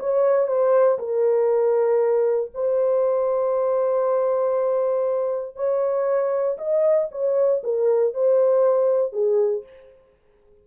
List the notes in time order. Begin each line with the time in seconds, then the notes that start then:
0.00 C#5
0.48 C5
0.99 A#4
2.54 C5
5.56 C#5
6.58 D#5
7.12 C#5
7.64 A#4
8.14 C5
9.13 G#4